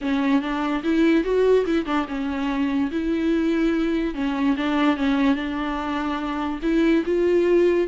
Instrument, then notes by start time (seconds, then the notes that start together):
viola
0.01 C#4
0.41 D4
0.83 E4
1.24 F#4
1.65 E4
1.85 D4
2.08 C#4
2.91 E4
4.14 C#4
4.56 D4
4.96 C#4
5.35 D4
6.62 E4
7.05 F4